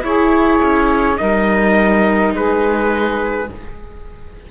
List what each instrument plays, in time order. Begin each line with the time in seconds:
0.00 cello E4, viola E4, saxophone G#4, trumpet C#5
0.62 cello C#4
1.16 cello G3, viola D#4, saxophone A#4, trumpet D#5
2.34 cello G#3, saxophone G#4, trumpet B4